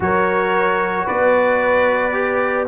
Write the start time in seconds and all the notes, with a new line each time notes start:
0.00 F#3 F#4 A#4 C#5
1.05 B3 B4 D5
2.12 G4